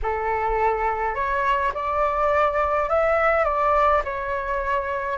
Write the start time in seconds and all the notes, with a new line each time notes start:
0.02 A4
1.14 C#5
1.74 D5
2.89 E5
3.44 D5
4.04 C#5